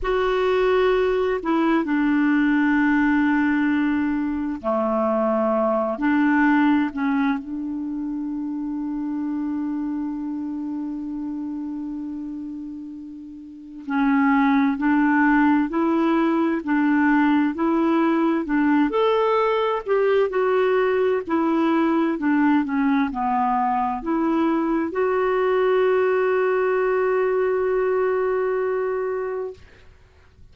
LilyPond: \new Staff \with { instrumentName = "clarinet" } { \time 4/4 \tempo 4 = 65 fis'4. e'8 d'2~ | d'4 a4. d'4 cis'8 | d'1~ | d'2. cis'4 |
d'4 e'4 d'4 e'4 | d'8 a'4 g'8 fis'4 e'4 | d'8 cis'8 b4 e'4 fis'4~ | fis'1 | }